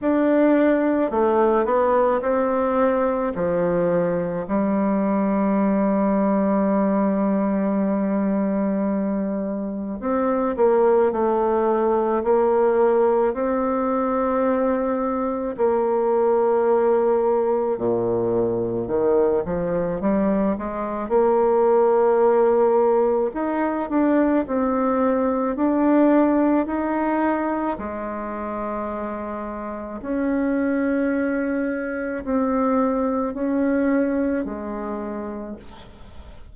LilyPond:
\new Staff \with { instrumentName = "bassoon" } { \time 4/4 \tempo 4 = 54 d'4 a8 b8 c'4 f4 | g1~ | g4 c'8 ais8 a4 ais4 | c'2 ais2 |
ais,4 dis8 f8 g8 gis8 ais4~ | ais4 dis'8 d'8 c'4 d'4 | dis'4 gis2 cis'4~ | cis'4 c'4 cis'4 gis4 | }